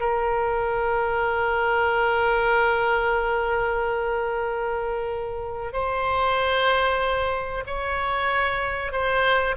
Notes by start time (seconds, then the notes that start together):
0.00 A#4
5.72 C5
7.66 C#5
8.92 C5